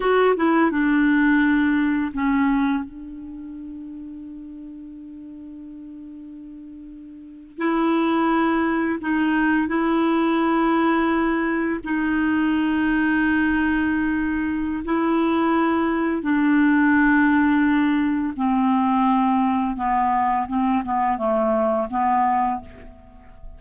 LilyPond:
\new Staff \with { instrumentName = "clarinet" } { \time 4/4 \tempo 4 = 85 fis'8 e'8 d'2 cis'4 | d'1~ | d'2~ d'8. e'4~ e'16~ | e'8. dis'4 e'2~ e'16~ |
e'8. dis'2.~ dis'16~ | dis'4 e'2 d'4~ | d'2 c'2 | b4 c'8 b8 a4 b4 | }